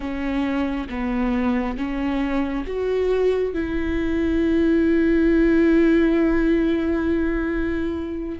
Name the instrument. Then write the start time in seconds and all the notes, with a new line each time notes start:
viola
0.00 C#4
0.89 B3
1.76 C#4
2.66 F#4
3.53 E4